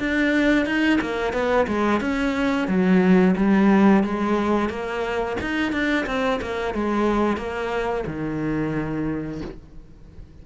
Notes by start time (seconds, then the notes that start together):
0.00 D4
0.66 D#4
1.01 A#3
1.33 B3
1.68 G#3
2.01 C#4
2.68 F#3
3.37 G3
4.04 G#3
4.70 A#3
5.41 D#4
5.73 D4
6.07 C4
6.42 A#3
6.74 G#3
7.38 A#3
8.07 D#3